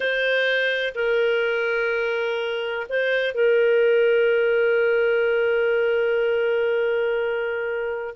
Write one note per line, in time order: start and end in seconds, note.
0.00 0.93 C5
0.94 2.86 A#4
2.89 3.34 C5
3.34 8.14 A#4